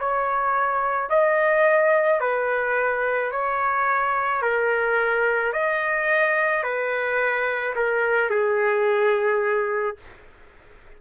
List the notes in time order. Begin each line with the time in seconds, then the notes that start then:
0.00 C#5
1.10 D#5
2.21 B4
3.32 C#5
4.42 A#4
5.54 D#5
6.64 B4
7.76 A#4
8.31 G#4